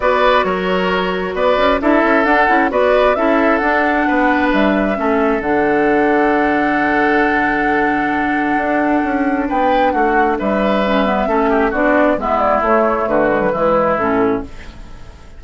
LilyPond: <<
  \new Staff \with { instrumentName = "flute" } { \time 4/4 \tempo 4 = 133 d''4 cis''2 d''4 | e''4 fis''4 d''4 e''4 | fis''2 e''2 | fis''1~ |
fis''1~ | fis''4 g''4 fis''4 e''4~ | e''2 d''4 e''8 d''8 | cis''4 b'2 a'4 | }
  \new Staff \with { instrumentName = "oboe" } { \time 4/4 b'4 ais'2 b'4 | a'2 b'4 a'4~ | a'4 b'2 a'4~ | a'1~ |
a'1~ | a'4 b'4 fis'4 b'4~ | b'4 a'8 g'8 fis'4 e'4~ | e'4 fis'4 e'2 | }
  \new Staff \with { instrumentName = "clarinet" } { \time 4/4 fis'1 | e'4 d'8 e'8 fis'4 e'4 | d'2. cis'4 | d'1~ |
d'1~ | d'1 | cis'8 b8 cis'4 d'4 b4 | a4. gis16 fis16 gis4 cis'4 | }
  \new Staff \with { instrumentName = "bassoon" } { \time 4/4 b4 fis2 b8 cis'8 | d'8 cis'8 d'8 cis'8 b4 cis'4 | d'4 b4 g4 a4 | d1~ |
d2. d'4 | cis'4 b4 a4 g4~ | g4 a4 b4 gis4 | a4 d4 e4 a,4 | }
>>